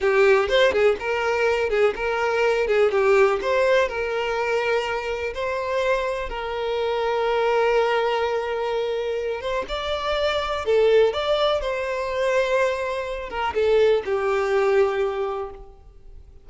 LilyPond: \new Staff \with { instrumentName = "violin" } { \time 4/4 \tempo 4 = 124 g'4 c''8 gis'8 ais'4. gis'8 | ais'4. gis'8 g'4 c''4 | ais'2. c''4~ | c''4 ais'2.~ |
ais'2.~ ais'8 c''8 | d''2 a'4 d''4 | c''2.~ c''8 ais'8 | a'4 g'2. | }